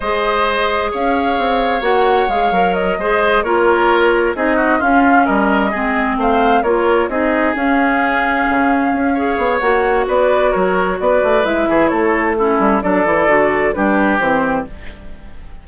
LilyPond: <<
  \new Staff \with { instrumentName = "flute" } { \time 4/4 \tempo 4 = 131 dis''2 f''2 | fis''4 f''4 dis''4. cis''8~ | cis''4. dis''4 f''4 dis''8~ | dis''4. f''4 cis''4 dis''8~ |
dis''8 f''2.~ f''8~ | f''4 fis''4 d''4 cis''4 | d''4 e''4 cis''4 a'4 | d''2 b'4 c''4 | }
  \new Staff \with { instrumentName = "oboe" } { \time 4/4 c''2 cis''2~ | cis''2~ cis''8 c''4 ais'8~ | ais'4. gis'8 fis'8 f'4 ais'8~ | ais'8 gis'4 c''4 ais'4 gis'8~ |
gis'1 | cis''2 b'4 ais'4 | b'4. gis'8 a'4 e'4 | a'2 g'2 | }
  \new Staff \with { instrumentName = "clarinet" } { \time 4/4 gis'1 | fis'4 gis'8 ais'4 gis'4 f'8~ | f'4. dis'4 cis'4.~ | cis'8 c'2 f'4 dis'8~ |
dis'8 cis'2.~ cis'8 | gis'4 fis'2.~ | fis'4 e'2 cis'4 | d'8 e'8 fis'4 d'4 c'4 | }
  \new Staff \with { instrumentName = "bassoon" } { \time 4/4 gis2 cis'4 c'4 | ais4 gis8 fis4 gis4 ais8~ | ais4. c'4 cis'4 g8~ | g8 gis4 a4 ais4 c'8~ |
c'8 cis'2 cis4 cis'8~ | cis'8 b8 ais4 b4 fis4 | b8 a8 gis8 e8 a4. g8 | fis8 e8 d4 g4 e4 | }
>>